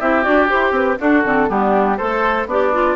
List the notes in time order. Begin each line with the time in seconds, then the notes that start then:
0.00 C4 E4 G4 E5
0.23 D4 F#4 D5
0.48 E4 G4 C5
0.71 C4 B4
0.99 D4 F#4 A4
1.25 D3 C4
1.48 G3 B3 D4 G4
1.97 A3 A4 C5
2.46 B3 D4 G4 D5
2.73 F4